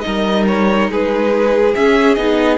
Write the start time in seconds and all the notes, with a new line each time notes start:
0.00 D#4 A#4 D#5
0.06 G3
0.47 C#5
0.88 G#3 G#4 B4
1.75 C#4 E5
2.15 B3 D#4 D#5